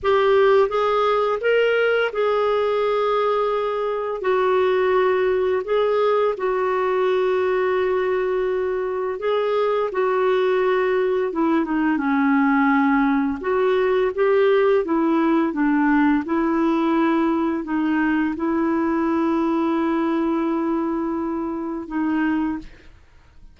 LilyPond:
\new Staff \with { instrumentName = "clarinet" } { \time 4/4 \tempo 4 = 85 g'4 gis'4 ais'4 gis'4~ | gis'2 fis'2 | gis'4 fis'2.~ | fis'4 gis'4 fis'2 |
e'8 dis'8 cis'2 fis'4 | g'4 e'4 d'4 e'4~ | e'4 dis'4 e'2~ | e'2. dis'4 | }